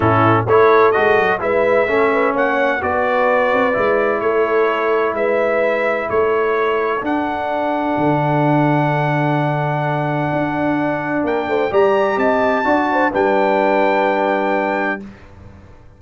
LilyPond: <<
  \new Staff \with { instrumentName = "trumpet" } { \time 4/4 \tempo 4 = 128 a'4 cis''4 dis''4 e''4~ | e''4 fis''4 d''2~ | d''4 cis''2 e''4~ | e''4 cis''2 fis''4~ |
fis''1~ | fis''1 | g''4 ais''4 a''2 | g''1 | }
  \new Staff \with { instrumentName = "horn" } { \time 4/4 e'4 a'2 b'4 | a'8 b'8 cis''4 b'2~ | b'4 a'2 b'4~ | b'4 a'2.~ |
a'1~ | a'1 | ais'8 c''8 d''4 dis''4 d''8 c''8 | b'1 | }
  \new Staff \with { instrumentName = "trombone" } { \time 4/4 cis'4 e'4 fis'4 e'4 | cis'2 fis'2 | e'1~ | e'2. d'4~ |
d'1~ | d'1~ | d'4 g'2 fis'4 | d'1 | }
  \new Staff \with { instrumentName = "tuba" } { \time 4/4 a,4 a4 gis8 fis8 gis4 | a4 ais4 b4. c'8 | gis4 a2 gis4~ | gis4 a2 d'4~ |
d'4 d2.~ | d2 d'2 | ais8 a8 g4 c'4 d'4 | g1 | }
>>